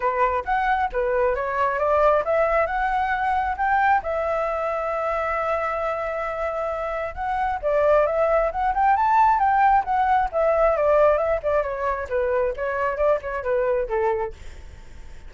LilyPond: \new Staff \with { instrumentName = "flute" } { \time 4/4 \tempo 4 = 134 b'4 fis''4 b'4 cis''4 | d''4 e''4 fis''2 | g''4 e''2.~ | e''1 |
fis''4 d''4 e''4 fis''8 g''8 | a''4 g''4 fis''4 e''4 | d''4 e''8 d''8 cis''4 b'4 | cis''4 d''8 cis''8 b'4 a'4 | }